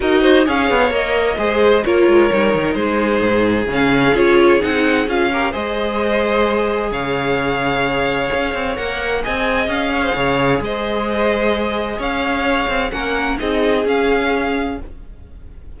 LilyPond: <<
  \new Staff \with { instrumentName = "violin" } { \time 4/4 \tempo 4 = 130 dis''4 f''4 dis''2 | cis''2 c''2 | f''4 cis''4 fis''4 f''4 | dis''2. f''4~ |
f''2. fis''4 | gis''4 f''2 dis''4~ | dis''2 f''2 | fis''4 dis''4 f''2 | }
  \new Staff \with { instrumentName = "violin" } { \time 4/4 ais'8 c''8 cis''2 c''4 | ais'2 gis'2~ | gis'2.~ gis'8 ais'8 | c''2. cis''4~ |
cis''1 | dis''4. cis''16 c''16 cis''4 c''4~ | c''2 cis''2 | ais'4 gis'2. | }
  \new Staff \with { instrumentName = "viola" } { \time 4/4 fis'4 gis'4 ais'4 gis'4 | f'4 dis'2. | cis'4 f'4 dis'4 f'8 g'8 | gis'1~ |
gis'2. ais'4 | gis'1~ | gis'1 | cis'4 dis'4 cis'2 | }
  \new Staff \with { instrumentName = "cello" } { \time 4/4 dis'4 cis'8 b8 ais4 gis4 | ais8 gis8 g8 dis8 gis4 gis,4 | cis4 cis'4 c'4 cis'4 | gis2. cis4~ |
cis2 cis'8 c'8 ais4 | c'4 cis'4 cis4 gis4~ | gis2 cis'4. c'8 | ais4 c'4 cis'2 | }
>>